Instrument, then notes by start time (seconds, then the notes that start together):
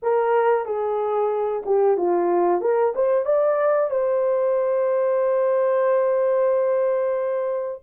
horn
0.02 A#4
0.65 G#4
1.65 G4
1.97 F4
2.61 A#4
2.95 C5
3.25 D5
3.90 C5